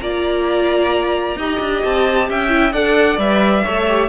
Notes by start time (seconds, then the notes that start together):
0.00 A#3 F4 D5 A#5
1.36 D#4 G4 D#5
1.59 D4
1.84 C4 A5
2.29 C#4 E5 G5
2.49 E4
2.73 D4 A4 D5 F#5
3.18 G3 B4 E5
3.64 A3 A4 C#5
3.88 G4